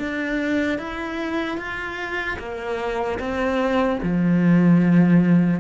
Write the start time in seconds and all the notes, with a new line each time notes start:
0.00 D4
0.79 E4
1.58 F4
2.39 A#3
3.20 C4
4.03 F3